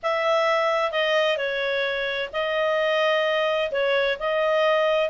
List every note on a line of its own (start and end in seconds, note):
0.02 0.91 E5
0.91 1.37 D#5
1.37 2.29 C#5
2.32 3.71 D#5
3.71 4.17 C#5
4.19 5.09 D#5